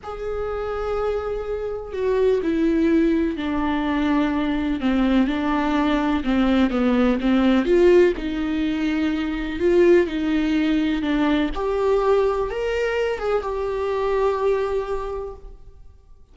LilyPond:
\new Staff \with { instrumentName = "viola" } { \time 4/4 \tempo 4 = 125 gis'1 | fis'4 e'2 d'4~ | d'2 c'4 d'4~ | d'4 c'4 b4 c'4 |
f'4 dis'2. | f'4 dis'2 d'4 | g'2 ais'4. gis'8 | g'1 | }